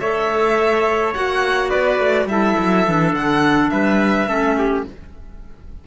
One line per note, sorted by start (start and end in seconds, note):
0.00 1.15 A3
0.00 1.15 A4
0.00 1.69 C#5
0.00 1.13 E5
1.13 1.73 A#3
1.13 2.29 F#4
1.13 1.70 F#5
1.69 1.99 B3
1.69 2.26 B4
1.69 2.27 D5
1.99 2.26 A3
2.26 2.55 G3
2.26 2.87 E4
2.26 3.72 A4
2.26 3.14 E5
2.58 2.87 F#3
2.87 3.13 E3
2.87 4.28 D4
3.13 3.70 D3
3.13 3.70 F#5
3.70 4.27 G3
3.70 4.29 B4
3.70 4.84 E5
4.27 4.84 A3
4.27 4.85 C#4
4.27 4.57 A4
4.58 4.87 G4